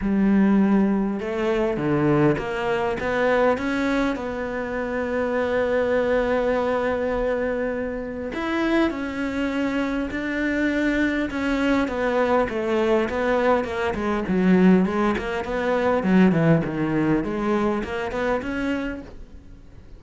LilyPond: \new Staff \with { instrumentName = "cello" } { \time 4/4 \tempo 4 = 101 g2 a4 d4 | ais4 b4 cis'4 b4~ | b1~ | b2 e'4 cis'4~ |
cis'4 d'2 cis'4 | b4 a4 b4 ais8 gis8 | fis4 gis8 ais8 b4 fis8 e8 | dis4 gis4 ais8 b8 cis'4 | }